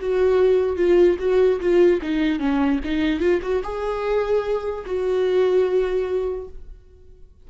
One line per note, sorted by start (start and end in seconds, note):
0.00 0.76 F#4
0.76 1.17 F4
1.19 1.60 F#4
1.60 2.00 F4
2.02 2.39 D#4
2.39 2.80 C#4
2.84 3.20 D#4
3.20 3.40 F4
3.42 3.63 F#4
3.63 4.85 G#4
4.86 6.48 F#4